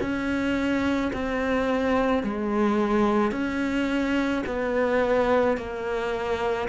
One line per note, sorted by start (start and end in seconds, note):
0.00 1.11 C#4
1.13 2.23 C4
2.23 3.31 G#3
3.31 4.42 C#4
4.46 5.57 B3
5.57 6.68 A#3